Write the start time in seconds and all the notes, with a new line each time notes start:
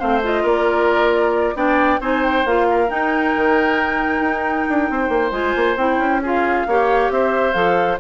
0.00 A3 C4 C5 F5
0.24 F4 D#5
0.44 A#3 A#4 D5
1.55 B3 D4 D5 G5
2.01 C4 D#4 C5 G#5
2.25 G5
2.46 A#3 F4 F5
2.70 A#4
2.88 D#4 G5
3.36 D#3
4.21 D#4
4.70 D4
4.90 C4 C5
5.09 A#3
5.32 G#3 F4 G#5
5.57 A#3
5.77 C4 E4 G5
5.98 C#4
6.23 F4 G#4 F5
6.67 A#3 G4 C#5
7.10 C4 C5 E5
7.54 F3 A4 F5